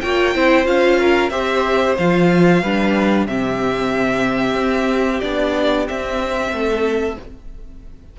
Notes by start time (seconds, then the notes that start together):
0.00 A#3 F4 C#5 G5
0.34 C4 E4 C5
0.64 C#4 F4 F5
0.99 A#4
1.29 C4 G4 C5 E5
1.97 F3 F4 F5
2.61 G3 D4 B4
3.25 C3 C4 G4 E5
4.54 C4
5.20 B3 D4 D5
5.86 C4 E5
6.51 A3 A4